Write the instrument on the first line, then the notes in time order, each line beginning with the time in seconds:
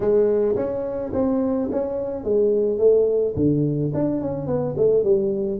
tuba
0.00 G#3
0.56 C#4
1.13 C4
1.71 C#4
2.24 G#3
2.78 A3
3.36 D3
3.94 D4
4.21 C#4
4.46 B3
4.77 A3
5.03 G3